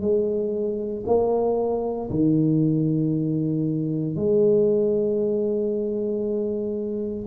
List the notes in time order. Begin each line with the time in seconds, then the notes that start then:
0.00 G#3
1.06 A#3
2.10 D#3
4.16 G#3